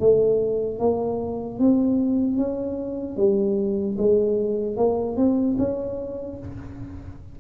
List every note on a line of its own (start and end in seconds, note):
0.00 0.79 A3
0.79 1.59 A#3
1.60 2.37 C4
2.37 3.17 C#4
3.17 3.97 G3
3.98 4.77 G#3
4.77 5.17 A#3
5.17 5.57 C4
5.59 6.39 C#4